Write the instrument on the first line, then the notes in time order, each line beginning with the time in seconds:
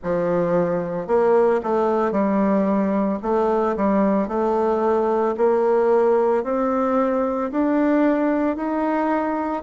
bassoon
0.03 F3
1.07 A#3
1.63 A3
2.11 G3
3.22 A3
3.76 G3
4.28 A3
5.37 A#3
6.43 C4
7.51 D4
8.56 D#4